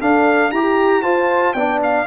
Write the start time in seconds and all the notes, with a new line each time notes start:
0.00 D4 A4 F5
0.51 E4 G4 A#5
1.02 F4 C5 A5
1.53 B3 D4 D5 G5
1.83 F5